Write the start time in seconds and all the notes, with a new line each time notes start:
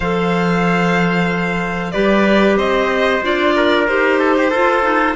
0.00 F3 A4 C5 F5
1.91 G3 G4 B4 D5
2.57 C4 C5 D#5
3.22 D4 F4 D5
3.56 A#4
3.87 D#4 G4 C5
4.19 A4
4.37 G4
4.50 F4 A4
4.82 D#4